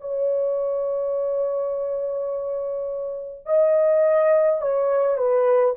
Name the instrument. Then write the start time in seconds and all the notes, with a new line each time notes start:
horn
0.00 C#5
3.46 D#5
4.61 C#5
5.17 B4